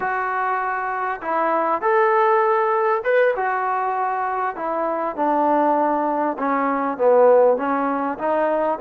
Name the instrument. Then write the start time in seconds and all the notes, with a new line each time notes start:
trombone
0.00 F#4
1.21 E4
1.81 A4
3.04 B4
3.36 F#4
4.56 E4
5.16 D4
6.38 C#4
6.97 B3
7.57 C#4
8.18 D#4